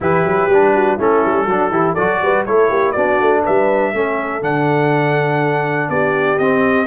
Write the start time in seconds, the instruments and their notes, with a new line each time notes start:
0.00 tuba E3, trombone E4, horn G4, trumpet B4
0.25 tuba F#3
0.48 tuba G3, trombone D4
0.75 horn F#4
0.96 tuba A3, trombone C#4, horn E4, trumpet A4
1.25 tuba G3
1.45 tuba F#3, trombone D4, horn F#4
1.70 tuba E3, trombone E4, horn G4
1.93 tuba F#3, trombone F#4, horn A4, trumpet D5
2.21 tuba G3, horn B4
2.45 tuba A3, trombone E4, horn A4, trumpet C#5
2.69 tuba A#3, horn G4
2.91 tuba B3, trombone D4, horn F#4, trumpet D5
3.20 tuba A3
3.43 tuba G3, horn B4, trumpet E5
3.93 tuba A3, trombone C#4, horn A4
4.41 tuba D3, trombone D4, trumpet F#5
5.88 tuba B3, horn G4, trumpet D5
6.38 tuba C4, trombone C4, trumpet D#5